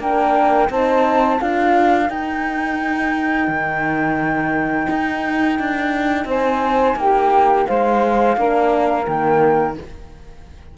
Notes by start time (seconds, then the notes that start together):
0.00 A#3 D4 A#4 G5
0.70 C4 D#4 C5 A5
1.39 D4 F4 A#4 F5
2.07 D#4 G5
3.48 D#3
4.90 D#4
5.60 D4
6.25 C4 C5 G#5
6.96 A#3 G4 G5
7.67 G#3 C5 F5
8.37 A#3 D4 A#4
9.06 D#3 A#3 G5